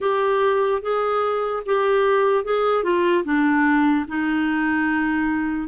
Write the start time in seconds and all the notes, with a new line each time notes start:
0.00 G4
0.81 G#4
1.65 G4
2.44 G#4
2.83 F4
3.24 D4
4.08 D#4